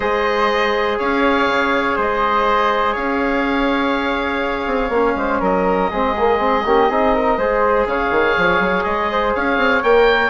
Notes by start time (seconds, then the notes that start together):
0.00 G#3 G#4 C5 D#5
0.98 C#4 C#5 F5
1.47 C#3
1.96 G#3 C5 D#5
2.93 C#4 C#5 F5
4.66 C4
4.89 A#3 C#4
5.15 G#3 C5
5.40 F#3 A#4 D#5
5.90 G#3 C4 G#4
6.17 A#3
6.38 C4
6.65 A#3 C#4 G4
6.89 C4 D#4 G#4
7.13 A#4
7.37 G#3 G#4 C5
7.86 C#3 C#5 F5
8.10 D#3
8.37 F3
8.59 F#3
8.83 G#3 D#5
9.11 C5
9.35 C#4 C#5 F5
9.57 C4
9.83 A#3 A#4 G5